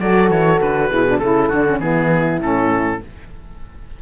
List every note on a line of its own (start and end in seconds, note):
0.00 0.30 F#3
0.00 0.90 F#4
0.00 0.90 A4
0.00 0.30 D5
0.30 0.60 E3
0.30 0.60 C#5
0.61 0.90 D3
0.61 1.19 B4
0.90 1.20 B2
0.90 1.05 E4
0.90 1.18 G#4
1.07 1.22 D4
1.18 1.50 C#3
1.18 1.52 E4
1.18 1.78 A4
1.18 1.49 A4
1.49 1.80 D3
1.49 1.67 D4
1.49 1.79 F#4
1.67 1.80 C#4
1.80 2.39 E3
1.80 2.40 B3
1.80 3.01 E4
1.80 2.40 G#4
2.39 2.99 A2
2.39 3.00 C#4
2.39 3.02 A4